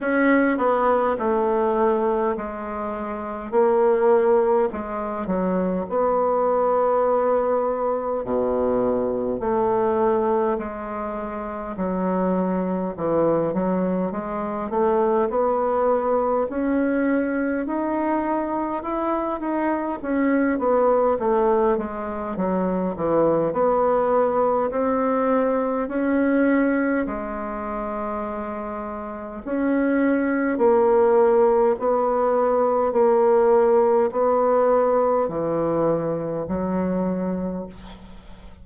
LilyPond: \new Staff \with { instrumentName = "bassoon" } { \time 4/4 \tempo 4 = 51 cis'8 b8 a4 gis4 ais4 | gis8 fis8 b2 b,4 | a4 gis4 fis4 e8 fis8 | gis8 a8 b4 cis'4 dis'4 |
e'8 dis'8 cis'8 b8 a8 gis8 fis8 e8 | b4 c'4 cis'4 gis4~ | gis4 cis'4 ais4 b4 | ais4 b4 e4 fis4 | }